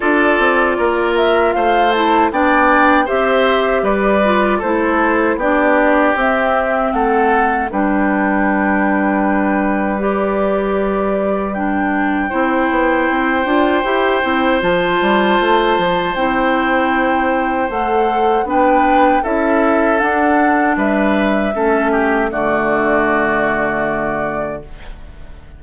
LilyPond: <<
  \new Staff \with { instrumentName = "flute" } { \time 4/4 \tempo 4 = 78 d''4. e''8 f''8 a''8 g''4 | e''4 d''4 c''4 d''4 | e''4 fis''4 g''2~ | g''4 d''2 g''4~ |
g''2. a''4~ | a''4 g''2 fis''4 | g''4 e''4 fis''4 e''4~ | e''4 d''2. | }
  \new Staff \with { instrumentName = "oboe" } { \time 4/4 a'4 ais'4 c''4 d''4 | c''4 b'4 a'4 g'4~ | g'4 a'4 b'2~ | b'1 |
c''1~ | c''1 | b'4 a'2 b'4 | a'8 g'8 fis'2. | }
  \new Staff \with { instrumentName = "clarinet" } { \time 4/4 f'2~ f'8 e'8 d'4 | g'4. f'8 e'4 d'4 | c'2 d'2~ | d'4 g'2 d'4 |
e'4. f'8 g'8 e'8 f'4~ | f'4 e'2 a'4 | d'4 e'4 d'2 | cis'4 a2. | }
  \new Staff \with { instrumentName = "bassoon" } { \time 4/4 d'8 c'8 ais4 a4 b4 | c'4 g4 a4 b4 | c'4 a4 g2~ | g1 |
c'8 b8 c'8 d'8 e'8 c'8 f8 g8 | a8 f8 c'2 a4 | b4 cis'4 d'4 g4 | a4 d2. | }
>>